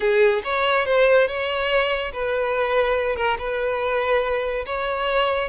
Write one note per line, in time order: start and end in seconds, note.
0.00 0.42 G#4
0.44 0.85 C#5
0.85 1.27 C5
1.27 2.12 C#5
2.13 3.16 B4
3.16 3.37 A#4
3.38 4.65 B4
4.66 5.49 C#5